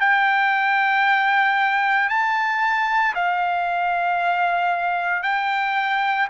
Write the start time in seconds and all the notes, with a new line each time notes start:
0.00 G5
2.09 A5
3.15 F5
5.22 G5